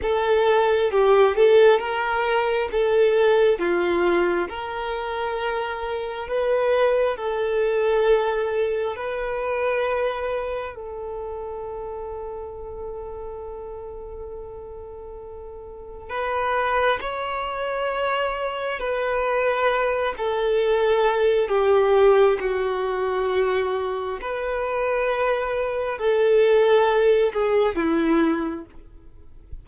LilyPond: \new Staff \with { instrumentName = "violin" } { \time 4/4 \tempo 4 = 67 a'4 g'8 a'8 ais'4 a'4 | f'4 ais'2 b'4 | a'2 b'2 | a'1~ |
a'2 b'4 cis''4~ | cis''4 b'4. a'4. | g'4 fis'2 b'4~ | b'4 a'4. gis'8 e'4 | }